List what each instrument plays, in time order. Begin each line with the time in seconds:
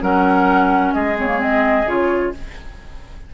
0.00 bassoon F#3, clarinet C#4, oboe A#4, flute F#5
0.93 bassoon G#3, oboe G#4, flute D#5
1.16 clarinet C4, flute C#5
1.27 clarinet A#3
1.38 clarinet C4, flute D#5
1.85 bassoon C#3, clarinet F4, flute C#5